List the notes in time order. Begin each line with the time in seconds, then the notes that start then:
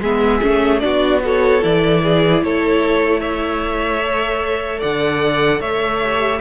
0.00 G#3 B3 G#4 E5
0.42 A3 C#4
0.79 B3 D4 F#4 D5
1.22 F#4 A4 C#5
1.61 E3 E4 D5
2.03 G#4
2.42 A3 A4 C#5
3.20 C#5 E5
4.03 A4
4.79 D3 D5 F#5
5.60 A3 C#5 E5
6.02 G4